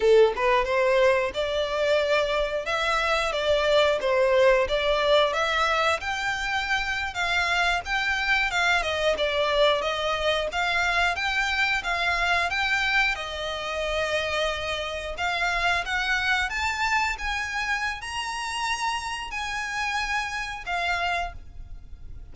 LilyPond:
\new Staff \with { instrumentName = "violin" } { \time 4/4 \tempo 4 = 90 a'8 b'8 c''4 d''2 | e''4 d''4 c''4 d''4 | e''4 g''4.~ g''16 f''4 g''16~ | g''8. f''8 dis''8 d''4 dis''4 f''16~ |
f''8. g''4 f''4 g''4 dis''16~ | dis''2~ dis''8. f''4 fis''16~ | fis''8. a''4 gis''4~ gis''16 ais''4~ | ais''4 gis''2 f''4 | }